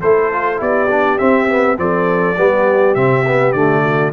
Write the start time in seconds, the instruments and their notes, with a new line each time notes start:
0.00 tuba A3, trombone E4, horn A4, trumpet C5
0.32 trombone F4
0.57 tuba B3, trombone E4, horn G4, trumpet D5
0.89 trombone D4
1.18 trombone C4, tuba C4, trumpet E5
1.48 trombone B3
1.76 tuba F3, trombone C4, horn A4, trumpet D5
2.37 tuba G3, trombone B3, horn G4
2.94 tuba C3, trombone C4, trumpet E5
3.26 trombone B3
3.52 tuba D3, trombone A3, trumpet D5
3.83 horn F#4